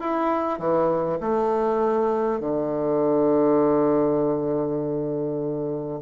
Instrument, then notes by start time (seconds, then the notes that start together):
bassoon
0.00 E4
0.59 E3
1.20 A3
2.40 D3